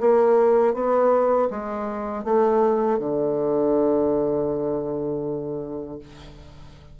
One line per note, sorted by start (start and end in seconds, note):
0.00 0.73 A#3
0.73 1.48 B3
1.50 2.24 G#3
2.24 2.99 A3
2.99 5.99 D3